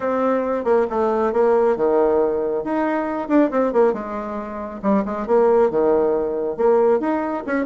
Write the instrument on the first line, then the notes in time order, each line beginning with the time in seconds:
bassoon
0.00 C4
0.64 A#3
0.90 A3
1.32 A#3
1.76 D#3
2.64 D#4
3.28 D4
3.50 C4
3.72 A#3
3.93 G#3
4.82 G3
5.05 G#3
5.26 A#3
5.70 D#3
6.56 A#3
7.00 D#4
7.46 C#4